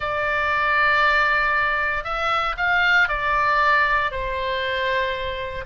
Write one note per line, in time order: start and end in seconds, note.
0.00 2.04 D5
2.04 2.55 E5
2.57 3.08 F5
3.08 4.11 D5
4.11 5.65 C5